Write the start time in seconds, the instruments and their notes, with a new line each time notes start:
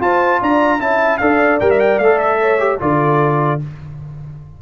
0.00 trombone F4, tuba F4, horn C5, trumpet A5
0.40 tuba D4, horn D5, trumpet A#5
0.79 tuba C#4, trombone E4, horn E5, trumpet A5
1.18 tuba D4, trombone A4, horn D5, trumpet F5
1.60 tuba G3, trombone A#4, trumpet G5
1.70 trumpet E5
1.79 trumpet G5
1.99 tuba A3, trombone A4, trumpet F5
2.19 trumpet E5
2.40 horn C#5
2.59 trombone G4
2.79 tuba D3, trombone F4, horn A4, trumpet D5